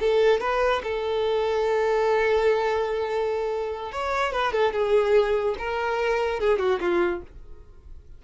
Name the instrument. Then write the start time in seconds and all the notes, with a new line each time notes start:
violin
0.00 A4
0.41 B4
0.83 A4
3.92 C#5
4.32 B4
4.53 A4
4.73 G#4
5.59 A#4
6.40 G#4
6.59 F#4
6.81 F4